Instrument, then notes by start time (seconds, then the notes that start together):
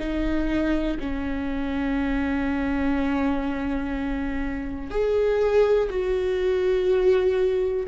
viola
0.00 D#4
1.00 C#4
4.91 G#4
5.90 F#4